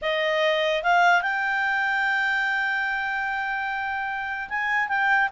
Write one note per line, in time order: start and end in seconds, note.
0.01 0.83 D#5
0.83 1.22 F5
1.22 4.48 G5
4.49 4.88 G#5
4.88 5.29 G5